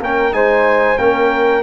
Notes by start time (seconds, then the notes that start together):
0.00 A#3 C#4 A#4 G5
0.32 G#3 D#4 C5 G#5
0.98 A#3 C#4 A#4 G5